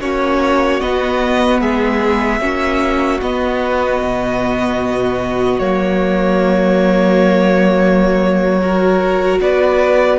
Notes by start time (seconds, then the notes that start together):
0.00 A#3 C#4 F#4 C#5
0.80 B3 D#5
1.60 G#3 G#4 E5
2.40 A#3 C#4 F#4
3.21 B3 D#5
4.02 B2
5.58 F#3 A#3 C#5
8.61 F#4 A#4
9.40 B3 B4 D5